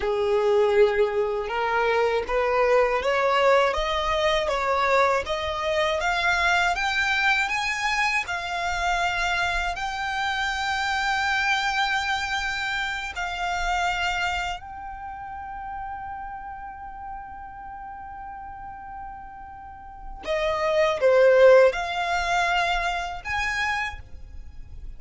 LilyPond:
\new Staff \with { instrumentName = "violin" } { \time 4/4 \tempo 4 = 80 gis'2 ais'4 b'4 | cis''4 dis''4 cis''4 dis''4 | f''4 g''4 gis''4 f''4~ | f''4 g''2.~ |
g''4. f''2 g''8~ | g''1~ | g''2. dis''4 | c''4 f''2 gis''4 | }